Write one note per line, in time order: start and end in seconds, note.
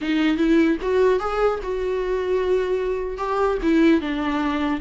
0.01 0.37 D#4
0.37 0.77 E4
0.81 1.19 F#4
1.19 1.59 G#4
1.62 3.17 F#4
3.17 3.57 G4
3.62 4.00 E4
4.00 4.80 D4